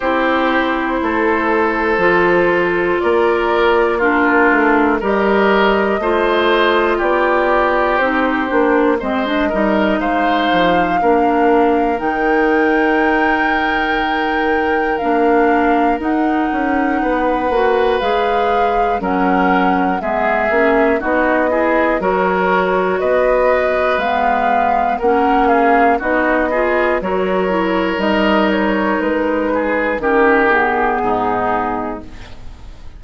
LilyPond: <<
  \new Staff \with { instrumentName = "flute" } { \time 4/4 \tempo 4 = 60 c''2. d''4 | ais'4 dis''2 d''4 | c''4 dis''4 f''2 | g''2. f''4 |
fis''2 f''4 fis''4 | e''4 dis''4 cis''4 dis''4 | f''4 fis''8 f''8 dis''4 cis''4 | dis''8 cis''8 b'4 ais'8 gis'4. | }
  \new Staff \with { instrumentName = "oboe" } { \time 4/4 g'4 a'2 ais'4 | f'4 ais'4 c''4 g'4~ | g'4 c''8 ais'8 c''4 ais'4~ | ais'1~ |
ais'4 b'2 ais'4 | gis'4 fis'8 gis'8 ais'4 b'4~ | b'4 ais'8 gis'8 fis'8 gis'8 ais'4~ | ais'4. gis'8 g'4 dis'4 | }
  \new Staff \with { instrumentName = "clarinet" } { \time 4/4 e'2 f'2 | d'4 g'4 f'2 | dis'8 d'8 c'16 d'16 dis'4. d'4 | dis'2. d'4 |
dis'4. fis'8 gis'4 cis'4 | b8 cis'8 dis'8 e'8 fis'2 | b4 cis'4 dis'8 f'8 fis'8 e'8 | dis'2 cis'8 b4. | }
  \new Staff \with { instrumentName = "bassoon" } { \time 4/4 c'4 a4 f4 ais4~ | ais8 a8 g4 a4 b4 | c'8 ais8 gis8 g8 gis8 f8 ais4 | dis2. ais4 |
dis'8 cis'8 b8 ais8 gis4 fis4 | gis8 ais8 b4 fis4 b4 | gis4 ais4 b4 fis4 | g4 gis4 dis4 gis,4 | }
>>